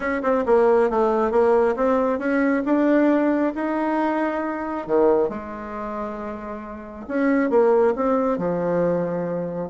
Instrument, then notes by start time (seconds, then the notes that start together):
bassoon
0.00 C#4
0.22 C4
0.46 A#3
0.90 A3
1.31 A#3
1.75 C4
2.18 C#4
2.65 D4
3.54 D#4
4.86 D#3
5.29 G#3
7.08 C#4
7.50 A#3
7.95 C4
8.37 F3